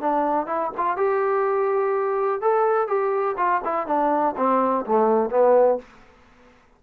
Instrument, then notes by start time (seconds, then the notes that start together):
trombone
0.00 D4
0.46 E4
0.77 F4
0.96 G4
2.41 A4
2.87 G4
3.37 F4
3.64 E4
3.86 D4
4.36 C4
4.85 A3
5.30 B3